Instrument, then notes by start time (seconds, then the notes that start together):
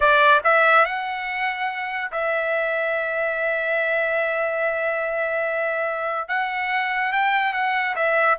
trumpet
0.00 D5
0.43 E5
0.85 F#5
2.11 E5
6.28 F#5
7.12 G5
7.53 F#5
7.95 E5